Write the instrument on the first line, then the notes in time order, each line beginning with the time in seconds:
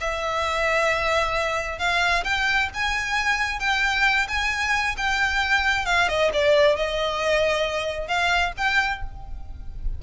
violin
0.00 E5
1.78 F5
2.24 G5
2.74 G#5
3.59 G5
4.28 G#5
4.97 G5
5.85 F5
6.08 D#5
6.33 D5
6.76 D#5
8.07 F5
8.57 G5